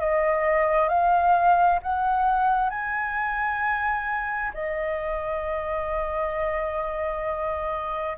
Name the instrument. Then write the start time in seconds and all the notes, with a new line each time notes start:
flute
0.00 D#5
0.88 F5
1.83 F#5
2.70 G#5
4.54 D#5